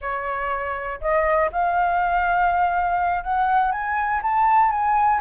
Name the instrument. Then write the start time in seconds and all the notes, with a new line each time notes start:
flute
0.01 C#5
1.01 D#5
1.52 F5
3.23 F#5
3.71 G#5
4.22 A5
4.71 G#5